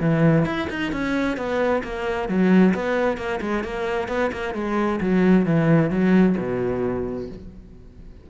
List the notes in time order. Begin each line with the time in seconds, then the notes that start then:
0.00 E3
0.45 E4
0.70 D#4
0.92 C#4
1.37 B3
1.83 A#3
2.28 F#3
2.74 B3
3.17 A#3
3.41 G#3
3.63 A#3
4.08 B3
4.32 A#3
4.54 G#3
5.00 F#3
5.45 E3
5.90 F#3
6.37 B2